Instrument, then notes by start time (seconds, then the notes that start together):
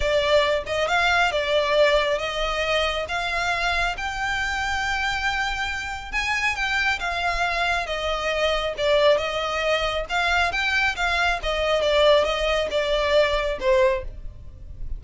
violin
0.00 D5
0.66 D#5
0.88 F5
1.31 D5
2.18 D#5
3.08 F5
3.97 G5
6.12 G#5
6.55 G5
6.99 F5
7.86 D#5
8.77 D5
9.17 D#5
10.09 F5
10.51 G5
10.95 F5
11.42 D#5
11.81 D5
12.24 D#5
12.70 D5
13.60 C5